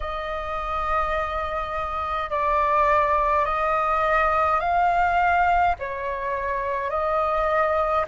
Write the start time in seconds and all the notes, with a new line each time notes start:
0.00 D#5
2.30 D5
3.45 D#5
4.59 F5
5.78 C#5
6.89 D#5